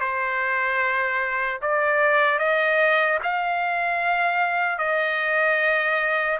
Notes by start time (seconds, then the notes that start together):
0.00 C5
1.61 D5
2.39 D#5
3.23 F5
4.78 D#5